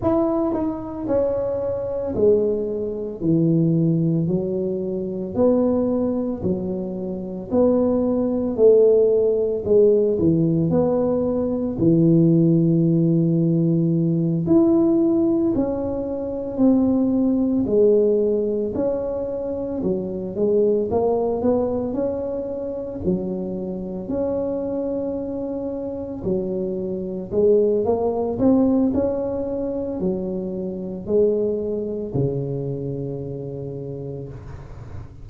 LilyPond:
\new Staff \with { instrumentName = "tuba" } { \time 4/4 \tempo 4 = 56 e'8 dis'8 cis'4 gis4 e4 | fis4 b4 fis4 b4 | a4 gis8 e8 b4 e4~ | e4. e'4 cis'4 c'8~ |
c'8 gis4 cis'4 fis8 gis8 ais8 | b8 cis'4 fis4 cis'4.~ | cis'8 fis4 gis8 ais8 c'8 cis'4 | fis4 gis4 cis2 | }